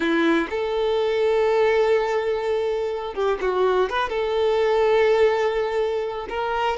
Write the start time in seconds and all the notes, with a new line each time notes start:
0.00 E4
0.49 A4
3.14 G4
3.41 F#4
3.89 B4
4.09 A4
6.29 A#4